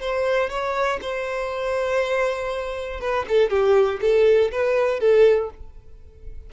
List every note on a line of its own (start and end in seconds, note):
0.00 0.49 C5
0.49 0.99 C#5
1.01 3.00 C5
3.00 3.25 B4
3.28 3.50 A4
3.50 4.00 G4
4.01 4.51 A4
4.51 5.00 B4
5.00 5.50 A4